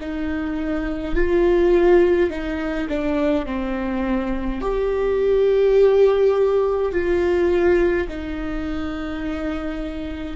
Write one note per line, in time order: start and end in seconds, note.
0.00 1.15 D#4
1.15 2.30 F4
2.30 2.87 D#4
2.88 3.46 D4
3.46 4.61 C4
4.61 6.92 G4
6.92 8.07 F4
8.08 10.35 D#4